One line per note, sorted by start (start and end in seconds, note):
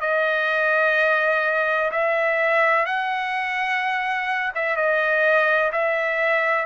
0.00 1.90 D#5
1.91 2.85 E5
2.85 4.52 F#5
4.55 4.76 E5
4.76 5.71 D#5
5.72 6.65 E5